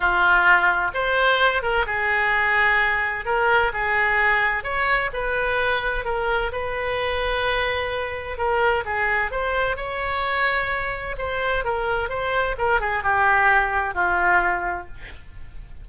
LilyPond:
\new Staff \with { instrumentName = "oboe" } { \time 4/4 \tempo 4 = 129 f'2 c''4. ais'8 | gis'2. ais'4 | gis'2 cis''4 b'4~ | b'4 ais'4 b'2~ |
b'2 ais'4 gis'4 | c''4 cis''2. | c''4 ais'4 c''4 ais'8 gis'8 | g'2 f'2 | }